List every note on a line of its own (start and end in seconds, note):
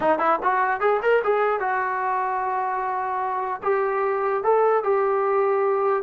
0.00 0.18 D#4
0.18 0.39 E4
0.42 0.80 F#4
0.80 1.00 G#4
1.02 1.22 A#4
1.23 1.60 G#4
1.60 3.61 F#4
3.63 4.43 G4
4.43 4.83 A4
4.83 6.03 G4